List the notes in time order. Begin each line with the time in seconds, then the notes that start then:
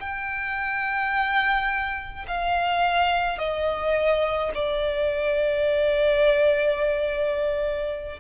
0.00 G5
2.28 F5
3.39 D#5
4.54 D5